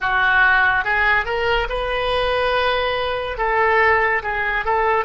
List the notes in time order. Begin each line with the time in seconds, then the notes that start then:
0.00 F#4
0.84 G#4
1.25 A#4
1.69 B4
3.37 A4
4.23 G#4
4.64 A4